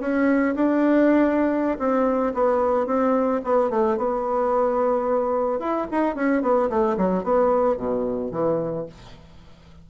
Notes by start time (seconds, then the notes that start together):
0.00 C#4
0.55 D4
1.79 C4
2.34 B3
2.86 C4
3.44 B3
3.70 A3
3.97 B3
5.59 E4
5.91 D#4
6.15 C#4
6.42 B3
6.69 A3
6.97 F#3
7.23 B3
7.77 B2
8.31 E3